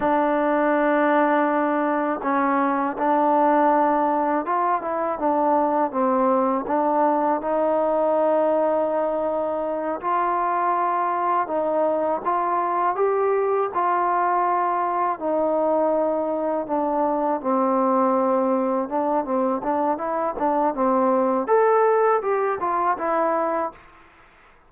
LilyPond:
\new Staff \with { instrumentName = "trombone" } { \time 4/4 \tempo 4 = 81 d'2. cis'4 | d'2 f'8 e'8 d'4 | c'4 d'4 dis'2~ | dis'4. f'2 dis'8~ |
dis'8 f'4 g'4 f'4.~ | f'8 dis'2 d'4 c'8~ | c'4. d'8 c'8 d'8 e'8 d'8 | c'4 a'4 g'8 f'8 e'4 | }